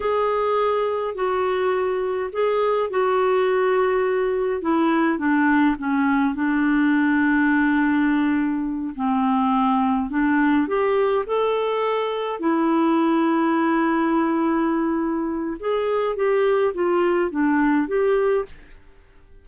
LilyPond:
\new Staff \with { instrumentName = "clarinet" } { \time 4/4 \tempo 4 = 104 gis'2 fis'2 | gis'4 fis'2. | e'4 d'4 cis'4 d'4~ | d'2.~ d'8 c'8~ |
c'4. d'4 g'4 a'8~ | a'4. e'2~ e'8~ | e'2. gis'4 | g'4 f'4 d'4 g'4 | }